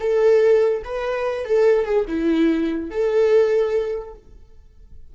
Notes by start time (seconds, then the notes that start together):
0.00 A4
0.85 B4
1.45 A4
1.85 G#4
2.08 E4
2.91 A4